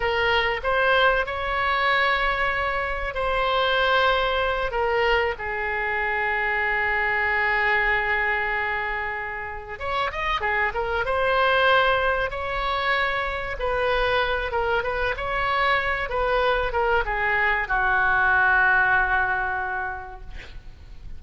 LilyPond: \new Staff \with { instrumentName = "oboe" } { \time 4/4 \tempo 4 = 95 ais'4 c''4 cis''2~ | cis''4 c''2~ c''8 ais'8~ | ais'8 gis'2.~ gis'8~ | gis'2.~ gis'8 cis''8 |
dis''8 gis'8 ais'8 c''2 cis''8~ | cis''4. b'4. ais'8 b'8 | cis''4. b'4 ais'8 gis'4 | fis'1 | }